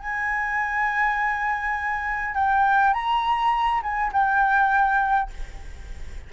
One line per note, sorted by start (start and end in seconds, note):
0.00 2.35 G#5
2.35 2.94 G5
2.94 3.82 A#5
3.83 4.12 G#5
4.13 5.31 G5